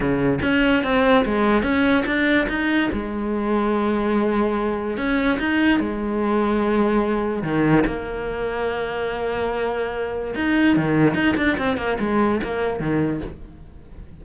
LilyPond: \new Staff \with { instrumentName = "cello" } { \time 4/4 \tempo 4 = 145 cis4 cis'4 c'4 gis4 | cis'4 d'4 dis'4 gis4~ | gis1 | cis'4 dis'4 gis2~ |
gis2 dis4 ais4~ | ais1~ | ais4 dis'4 dis4 dis'8 d'8 | c'8 ais8 gis4 ais4 dis4 | }